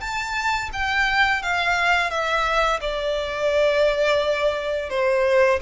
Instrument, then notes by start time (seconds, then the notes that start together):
violin
0.00 A5
0.72 G5
1.42 F5
2.10 E5
2.81 D5
4.89 C5